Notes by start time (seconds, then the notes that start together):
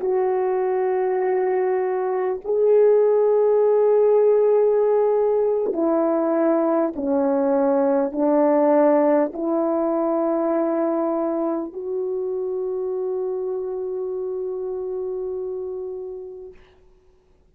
0.00 F#4
2.44 G#4
5.73 E4
6.95 C#4
8.12 D4
9.33 E4
11.73 F#4